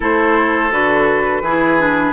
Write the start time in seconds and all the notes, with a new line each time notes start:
0.00 A3 E4 A4 C5
0.70 D3 F#4 B4
1.41 E3 E4 G#4
1.79 D4